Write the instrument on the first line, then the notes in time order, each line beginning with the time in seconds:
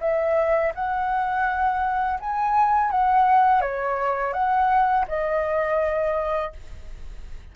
flute
0.00 E5
0.74 F#5
2.19 G#5
2.90 F#5
3.61 C#5
4.33 F#5
5.08 D#5